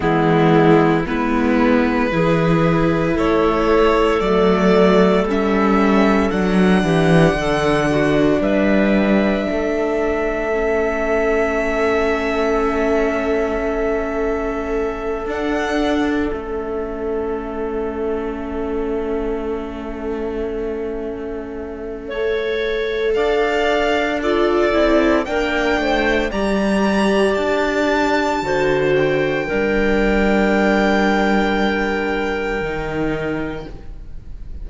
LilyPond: <<
  \new Staff \with { instrumentName = "violin" } { \time 4/4 \tempo 4 = 57 e'4 b'2 cis''4 | d''4 e''4 fis''2 | e''1~ | e''2~ e''8 fis''4 e''8~ |
e''1~ | e''2 f''4 d''4 | g''4 ais''4 a''4. g''8~ | g''1 | }
  \new Staff \with { instrumentName = "clarinet" } { \time 4/4 b4 e'4 gis'4 a'4~ | a'2~ a'8 g'8 a'8 fis'8 | b'4 a'2.~ | a'1~ |
a'1~ | a'4 cis''4 d''4 a'4 | ais'8 c''8 d''2 c''4 | ais'1 | }
  \new Staff \with { instrumentName = "viola" } { \time 4/4 gis4 b4 e'2 | a4 cis'4 d'2~ | d'2 cis'2~ | cis'2~ cis'8 d'4 cis'8~ |
cis'1~ | cis'4 a'2 f'8 e'8 | d'4 g'2 fis'4 | d'2. dis'4 | }
  \new Staff \with { instrumentName = "cello" } { \time 4/4 e4 gis4 e4 a4 | fis4 g4 fis8 e8 d4 | g4 a2.~ | a2~ a8 d'4 a8~ |
a1~ | a2 d'4. c'8 | ais8 a8 g4 d'4 d4 | g2. dis4 | }
>>